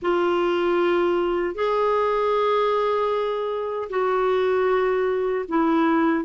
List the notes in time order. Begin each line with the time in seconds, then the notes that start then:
0.02 F4
1.54 G#4
3.89 F#4
5.48 E4